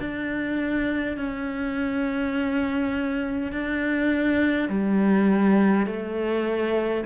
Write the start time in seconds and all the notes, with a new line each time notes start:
0.00 D4
1.18 C#4
3.52 D4
4.69 G3
5.87 A3